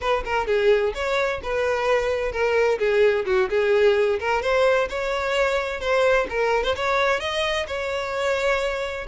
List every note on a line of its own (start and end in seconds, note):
0.00 0.24 B4
0.24 0.47 A#4
0.47 0.93 G#4
0.94 1.41 C#5
1.42 2.32 B4
2.32 2.78 A#4
2.78 3.25 G#4
3.25 3.49 F#4
3.49 4.19 G#4
4.19 4.42 A#4
4.42 4.88 C5
4.89 5.80 C#5
5.80 6.27 C5
6.29 6.63 A#4
6.63 6.75 C5
6.75 7.19 C#5
7.19 7.66 D#5
7.67 9.06 C#5